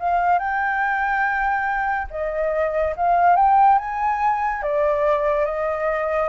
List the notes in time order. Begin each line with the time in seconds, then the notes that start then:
0.00 F5
0.39 G5
2.11 D#5
2.97 F5
3.36 G5
3.79 G#5
4.63 D5
5.46 D#5